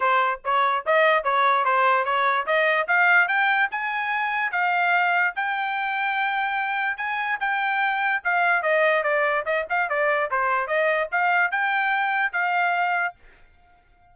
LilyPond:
\new Staff \with { instrumentName = "trumpet" } { \time 4/4 \tempo 4 = 146 c''4 cis''4 dis''4 cis''4 | c''4 cis''4 dis''4 f''4 | g''4 gis''2 f''4~ | f''4 g''2.~ |
g''4 gis''4 g''2 | f''4 dis''4 d''4 dis''8 f''8 | d''4 c''4 dis''4 f''4 | g''2 f''2 | }